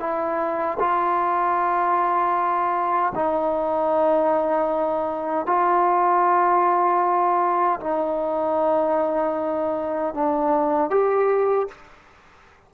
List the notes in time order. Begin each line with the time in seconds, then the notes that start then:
0.00 E4
0.79 F4
3.15 D#4
5.46 F4
7.80 D#4
10.14 D4
10.90 G4